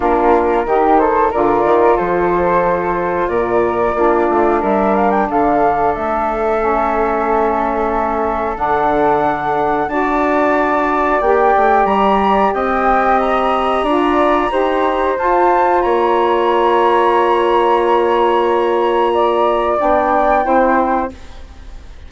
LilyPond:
<<
  \new Staff \with { instrumentName = "flute" } { \time 4/4 \tempo 4 = 91 ais'4. c''8 d''4 c''4~ | c''4 d''2 e''8 f''16 g''16 | f''4 e''2.~ | e''4 fis''2 a''4~ |
a''4 g''4 ais''4 g''4 | ais''2. a''4 | ais''1~ | ais''2 g''2 | }
  \new Staff \with { instrumentName = "flute" } { \time 4/4 f'4 g'8 a'8 ais'4 a'4~ | a'4 ais'4 f'4 ais'4 | a'1~ | a'2. d''4~ |
d''2. dis''4~ | dis''4 d''4 c''2 | cis''1~ | cis''4 d''2 c''4 | }
  \new Staff \with { instrumentName = "saxophone" } { \time 4/4 d'4 dis'4 f'2~ | f'2 d'2~ | d'2 cis'2~ | cis'4 d'2 fis'4~ |
fis'4 g'2.~ | g'4 f'4 g'4 f'4~ | f'1~ | f'2 d'4 e'4 | }
  \new Staff \with { instrumentName = "bassoon" } { \time 4/4 ais4 dis4 d8 dis8 f4~ | f4 ais,4 ais8 a8 g4 | d4 a2.~ | a4 d2 d'4~ |
d'4 ais8 a8 g4 c'4~ | c'4 d'4 dis'4 f'4 | ais1~ | ais2 b4 c'4 | }
>>